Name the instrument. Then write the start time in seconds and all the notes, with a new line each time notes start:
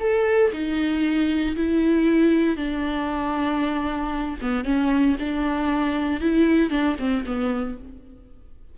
viola
0.00 A4
0.53 D#4
1.56 E4
2.57 D4
4.42 B3
4.65 C#4
5.20 D4
6.21 E4
6.71 D4
6.99 C4
7.26 B3